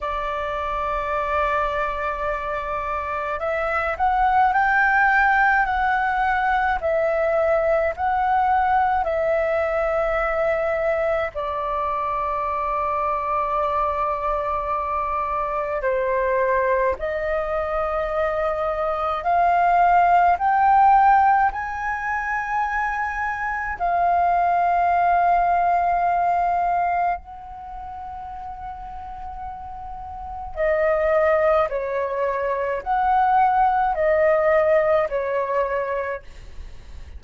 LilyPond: \new Staff \with { instrumentName = "flute" } { \time 4/4 \tempo 4 = 53 d''2. e''8 fis''8 | g''4 fis''4 e''4 fis''4 | e''2 d''2~ | d''2 c''4 dis''4~ |
dis''4 f''4 g''4 gis''4~ | gis''4 f''2. | fis''2. dis''4 | cis''4 fis''4 dis''4 cis''4 | }